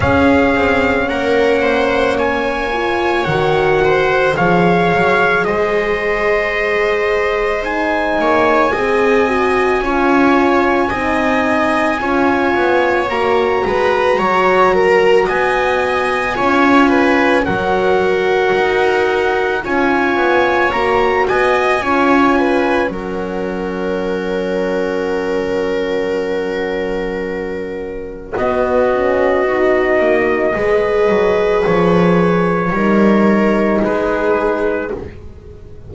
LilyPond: <<
  \new Staff \with { instrumentName = "trumpet" } { \time 4/4 \tempo 4 = 55 f''4 fis''4 gis''4 fis''4 | f''4 dis''2 gis''4~ | gis''1 | ais''2 gis''2 |
fis''2 gis''4 ais''8 gis''8~ | gis''4 fis''2.~ | fis''2 dis''2~ | dis''4 cis''2 b'4 | }
  \new Staff \with { instrumentName = "viola" } { \time 4/4 gis'4 ais'8 c''8 cis''4. c''8 | cis''4 c''2~ c''8 cis''8 | dis''4 cis''4 dis''4 cis''4~ | cis''8 b'8 cis''8 ais'8 dis''4 cis''8 b'8 |
ais'2 cis''4. dis''8 | cis''8 b'8 ais'2.~ | ais'2 fis'2 | b'2 ais'4 gis'4 | }
  \new Staff \with { instrumentName = "horn" } { \time 4/4 cis'2~ cis'8 f'8 fis'4 | gis'2. dis'4 | gis'8 fis'8 f'4 dis'4 f'4 | fis'2. f'4 |
fis'2 f'4 fis'4 | f'4 cis'2.~ | cis'2 b8 cis'8 dis'4 | gis'2 dis'2 | }
  \new Staff \with { instrumentName = "double bass" } { \time 4/4 cis'8 c'8 ais2 dis4 | f8 fis8 gis2~ gis8 ais8 | c'4 cis'4 c'4 cis'8 b8 | ais8 gis8 fis4 b4 cis'4 |
fis4 dis'4 cis'8 b8 ais8 b8 | cis'4 fis2.~ | fis2 b4. ais8 | gis8 fis8 f4 g4 gis4 | }
>>